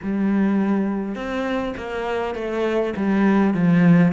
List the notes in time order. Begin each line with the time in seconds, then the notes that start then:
0.02 G3
1.15 C4
1.76 A#3
2.34 A3
2.96 G3
3.54 F3